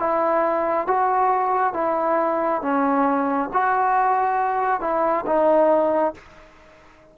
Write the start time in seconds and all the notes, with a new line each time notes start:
0.00 E4
0.87 F#4
1.74 E4
2.62 C#4
3.53 F#4
4.81 E4
5.27 D#4